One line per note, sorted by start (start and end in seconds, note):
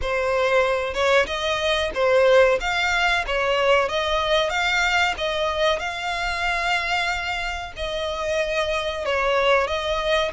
0.01 0.94 C5
0.94 1.26 C#5
1.26 1.91 D#5
1.94 2.58 C5
2.60 3.24 F5
3.26 3.89 C#5
3.89 4.49 D#5
4.49 5.14 F5
5.17 5.79 D#5
5.79 7.72 F5
7.76 9.05 D#5
9.05 9.67 C#5
9.67 10.31 D#5